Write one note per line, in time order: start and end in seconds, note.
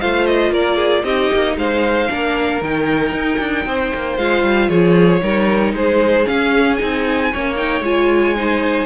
0.00 0.51 A3
0.00 1.05 F4
0.00 0.52 C5
0.00 0.26 F5
0.26 0.52 D#5
0.51 1.04 A#3
0.51 0.77 A#4
0.51 1.04 D5
0.77 1.03 G#4
1.04 1.30 C4
1.04 2.09 D#4
1.04 1.56 G4
1.04 1.57 D#5
1.34 1.56 A#3
1.56 2.09 G#3
1.56 2.10 C5
1.56 2.63 F5
2.09 2.61 A#3
2.09 2.61 D4
2.09 3.66 A#4
2.61 3.12 D#3
2.61 4.19 D#4
2.61 4.18 G5
3.12 3.38 D#4
3.39 3.65 D4
3.66 3.92 C4
3.66 4.70 C5
3.94 4.18 A#3
4.18 4.42 G#3
4.18 5.21 F4
4.18 4.69 F5
4.42 4.69 G3
4.69 5.22 F3
4.69 5.22 G#4
4.69 5.74 C#5
5.21 5.73 G3
5.21 6.25 D#4
5.21 5.75 A#4
5.73 6.25 G#3
5.73 7.32 G#4
5.73 6.28 C5
6.25 6.77 C#4
6.25 6.81 C#4
6.25 6.76 F5
6.76 7.34 C4
6.76 7.31 D#4
6.76 7.54 G#5
7.32 7.81 A#3
7.32 7.56 C#4
7.32 8.36 C#5
7.56 7.82 D#4
7.56 7.84 G5
7.81 8.85 G#3
7.81 8.36 F4
7.81 8.86 G#5
8.36 8.86 D#4
8.36 8.86 C5